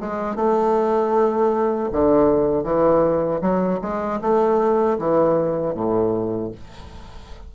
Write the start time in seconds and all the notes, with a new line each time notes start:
0.00 G#3
0.35 A3
1.92 D3
2.63 E3
3.41 F#3
3.81 G#3
4.21 A3
4.98 E3
5.74 A2